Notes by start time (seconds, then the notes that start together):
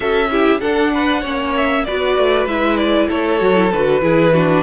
0.00 C#4 F#4 A4 E5
0.30 E4 G4
0.60 D4 A4 F#5
0.94 B4
1.21 A#3 C#4 C#5
1.56 E5
1.84 B3 F#4 B4 D5
2.17 A3
2.46 G#3 E4 E5
2.77 D5
3.08 A3 A4 C#5
3.39 F#3 F#4
3.55 E4
3.72 D3 F#4 B4
4.01 E3 E4 G#4
4.33 D4 F#4